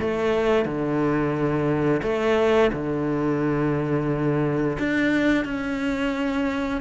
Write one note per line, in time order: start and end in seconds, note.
0.00 0.65 A3
0.65 2.01 D3
2.02 2.71 A3
2.72 4.77 D3
4.79 5.45 D4
5.45 6.81 C#4